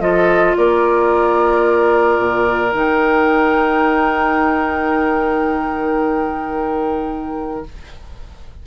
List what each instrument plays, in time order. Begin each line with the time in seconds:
0.00 bassoon F3, clarinet F4, oboe A4, flute D#5
0.57 bassoon A#3, oboe A#4, flute D5
2.19 bassoon A#2
2.72 bassoon D#3, clarinet D#4, flute G5